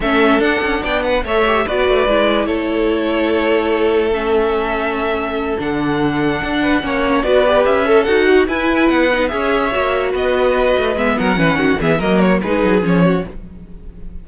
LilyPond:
<<
  \new Staff \with { instrumentName = "violin" } { \time 4/4 \tempo 4 = 145 e''4 fis''4 g''8 fis''8 e''4 | d''2 cis''2~ | cis''2 e''2~ | e''4. fis''2~ fis''8~ |
fis''4. d''4 e''4 fis''8~ | fis''8 gis''4 fis''4 e''4.~ | e''8 dis''2 e''8 fis''4~ | fis''8 e''8 dis''8 cis''8 b'4 cis''4 | }
  \new Staff \with { instrumentName = "violin" } { \time 4/4 a'2 d''8 b'8 cis''4 | b'2 a'2~ | a'1~ | a'1 |
b'8 cis''4 b'4. a'4 | fis'8 b'2 cis''4.~ | cis''8 b'2~ b'8 ais'8 b'8 | fis'8 gis'8 ais'4 gis'4. fis'8 | }
  \new Staff \with { instrumentName = "viola" } { \time 4/4 cis'4 d'2 a'8 g'8 | fis'4 e'2.~ | e'2 cis'2~ | cis'4. d'2~ d'8~ |
d'8 cis'4 fis'8 g'4 a'8 fis'8~ | fis'8 e'4. dis'8 gis'4 fis'8~ | fis'2~ fis'8 b4 cis'8~ | cis'8 b8 ais4 dis'4 cis'4 | }
  \new Staff \with { instrumentName = "cello" } { \time 4/4 a4 d'8 cis'8 b4 a4 | b8 a8 gis4 a2~ | a1~ | a4. d2 d'8~ |
d'8 ais4 b4 cis'4 dis'8~ | dis'8 e'4 b4 cis'4 ais8~ | ais8 b4. a8 gis8 fis8 e8 | dis8 e8 fis4 gis8 fis8 f4 | }
>>